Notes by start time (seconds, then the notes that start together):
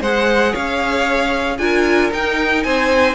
0.00 G#3 G#4 C5 F#5
0.52 C#4 C#5 F5
1.58 D4 F4 A#4 G#5
2.11 D#4 G5
2.63 C4 C5 G#5